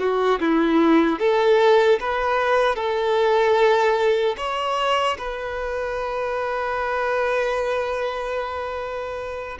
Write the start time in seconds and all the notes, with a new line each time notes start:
0.00 F#4
0.41 E4
1.20 A4
2.00 B4
2.76 A4
4.37 C#5
5.19 B4